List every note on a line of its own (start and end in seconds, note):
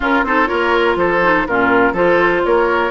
0.00 0.24 C#4
0.00 0.23 C#4
0.00 0.24 F4
0.00 0.24 A#4
0.23 0.47 C4
0.23 0.46 D#4
0.23 0.48 A4
0.23 0.47 C5
0.46 0.95 A#3
0.46 1.19 F4
0.46 0.97 A#4
0.46 0.96 C#5
0.95 1.44 F3
0.95 1.47 A4
0.95 1.47 C5
1.23 1.47 D#4
1.47 1.93 A#2
1.47 1.94 C#4
1.47 1.93 F4
1.47 1.95 A#4
1.93 2.41 F3
1.93 2.90 F4
1.93 2.41 A4
1.93 2.45 C5
2.45 2.90 A#3
2.45 2.90 A#4
2.45 2.90 C#5